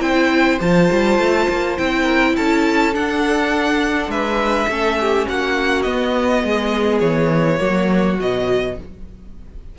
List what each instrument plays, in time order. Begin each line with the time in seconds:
0.00 cello C4, viola E4, violin C5 G5
0.61 cello F3, viola F4, violin A5
0.92 cello G3
1.19 cello A3
1.49 cello A#3
1.78 cello C4, viola E4, violin G5
2.03 violin A#4
2.36 cello C#4, violin A4 A5
2.94 viola D4, cello D4, violin F#5
4.08 cello G#3, violin B4 E5
4.68 cello A3, viola C#4, violin A4
5.01 violin G4
5.29 cello A#3, violin F#4 F#5
5.82 cello B3, viola B3, violin D#5
6.44 cello G#3, violin G#4
7.00 cello E3, violin C#5
7.59 cello F#3, viola A#3, violin F#4
8.20 cello B2, viola F#3, violin D#5